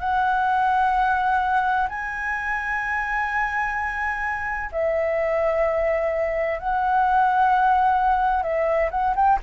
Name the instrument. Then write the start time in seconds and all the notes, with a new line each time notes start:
flute
0.00 F#5
1.89 G#5
4.72 E5
6.59 F#5
8.42 E5
8.91 F#5
9.15 G5